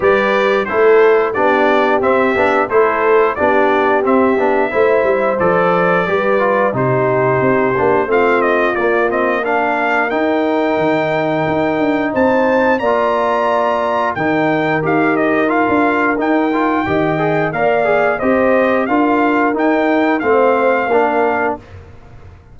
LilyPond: <<
  \new Staff \with { instrumentName = "trumpet" } { \time 4/4 \tempo 4 = 89 d''4 c''4 d''4 e''4 | c''4 d''4 e''2 | d''2 c''2 | f''8 dis''8 d''8 dis''8 f''4 g''4~ |
g''2 a''4 ais''4~ | ais''4 g''4 f''8 dis''8 f''4 | g''2 f''4 dis''4 | f''4 g''4 f''2 | }
  \new Staff \with { instrumentName = "horn" } { \time 4/4 b'4 a'4 g'2 | a'4 g'2 c''4~ | c''4 b'4 g'2 | f'2 ais'2~ |
ais'2 c''4 d''4~ | d''4 ais'2.~ | ais'4 dis''4 d''4 c''4 | ais'2 c''4 ais'4 | }
  \new Staff \with { instrumentName = "trombone" } { \time 4/4 g'4 e'4 d'4 c'8 d'8 | e'4 d'4 c'8 d'8 e'4 | a'4 g'8 f'8 dis'4. d'8 | c'4 ais8 c'8 d'4 dis'4~ |
dis'2. f'4~ | f'4 dis'4 g'4 f'4 | dis'8 f'8 g'8 gis'8 ais'8 gis'8 g'4 | f'4 dis'4 c'4 d'4 | }
  \new Staff \with { instrumentName = "tuba" } { \time 4/4 g4 a4 b4 c'8 b8 | a4 b4 c'8 b8 a8 g8 | f4 g4 c4 c'8 ais8 | a4 ais2 dis'4 |
dis4 dis'8 d'8 c'4 ais4~ | ais4 dis4 dis'4~ dis'16 d'8. | dis'4 dis4 ais4 c'4 | d'4 dis'4 a4 ais4 | }
>>